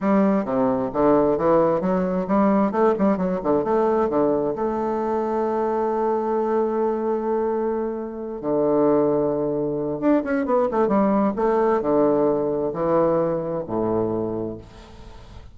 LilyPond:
\new Staff \with { instrumentName = "bassoon" } { \time 4/4 \tempo 4 = 132 g4 c4 d4 e4 | fis4 g4 a8 g8 fis8 d8 | a4 d4 a2~ | a1~ |
a2~ a8 d4.~ | d2 d'8 cis'8 b8 a8 | g4 a4 d2 | e2 a,2 | }